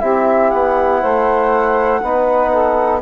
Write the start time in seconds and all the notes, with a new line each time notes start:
0.00 C4 E4 G4 E5
0.50 B3 F#5
1.01 A3 C5
2.02 B3 D#4 B4
2.50 A4